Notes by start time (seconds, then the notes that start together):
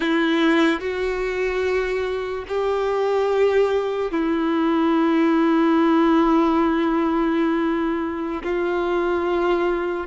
0.00 E4
0.80 F#4
2.48 G4
4.11 E4
8.43 F4